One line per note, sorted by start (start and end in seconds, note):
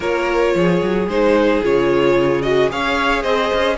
0.00 0.53 A#3
0.00 1.08 F4
0.00 0.54 A#4
0.00 1.09 C#5
0.54 0.81 F3
0.54 2.72 G#4
0.82 1.07 F#3
1.07 1.61 G#3
1.07 1.63 D#4
1.07 1.63 C5
1.63 2.71 C#3
1.63 2.42 F4
1.63 2.42 C#5
2.42 2.69 F#4
2.42 2.69 D#5
2.69 3.24 C#4
2.69 3.77 G#4
2.69 3.23 C#5
2.69 3.22 F5
3.22 3.51 C4
3.22 3.77 C5
3.22 3.76 D#5
3.53 3.77 C#4